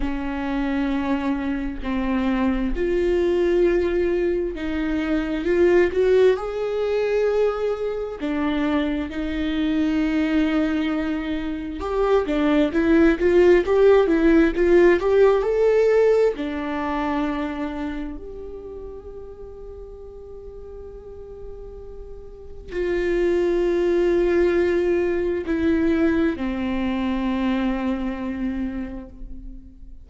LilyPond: \new Staff \with { instrumentName = "viola" } { \time 4/4 \tempo 4 = 66 cis'2 c'4 f'4~ | f'4 dis'4 f'8 fis'8 gis'4~ | gis'4 d'4 dis'2~ | dis'4 g'8 d'8 e'8 f'8 g'8 e'8 |
f'8 g'8 a'4 d'2 | g'1~ | g'4 f'2. | e'4 c'2. | }